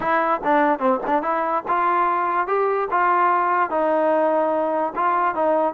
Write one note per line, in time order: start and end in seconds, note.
0.00 0.41 E4
0.44 0.79 D4
0.79 0.99 C4
1.06 1.22 D4
1.22 1.63 E4
1.68 2.47 F4
2.47 2.88 G4
2.90 3.69 F4
3.69 4.93 D#4
4.95 5.34 F4
5.34 5.73 D#4